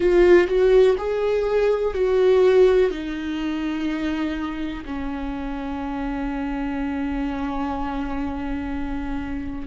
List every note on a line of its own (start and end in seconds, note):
0.00 0.48 F4
0.48 0.96 F#4
0.98 1.94 G#4
1.94 2.90 F#4
2.90 4.84 D#4
4.85 9.67 C#4